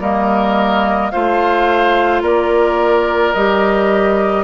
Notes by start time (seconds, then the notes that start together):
0.00 G3 A#3 A#4 D#5
1.11 A3 F4 C5 F5
2.22 A#3 A#4 D5
3.34 G3 G4 D#5